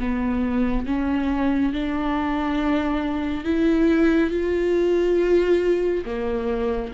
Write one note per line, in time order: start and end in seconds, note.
0.00 0.87 B3
0.87 1.74 C#4
1.74 3.45 D4
3.45 4.31 E4
4.31 6.05 F4
6.06 6.92 A#3